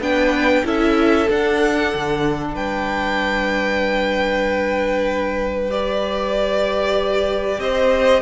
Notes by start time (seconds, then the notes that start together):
0.00 B3 D4 B4 G5
0.64 C#4 E4 A4 E5
1.29 D4 F#5
1.95 D3
2.54 G3 B4 G5
5.69 G4 D5
7.59 C4 C5 D#5